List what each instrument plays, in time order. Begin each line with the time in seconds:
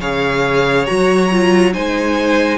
0.00 cello C#3, viola G#4, violin C#5 F5
0.86 cello F#3, viola F#4, violin A#5
1.32 viola F4
1.73 cello G#3, viola D#4, violin C5 G#5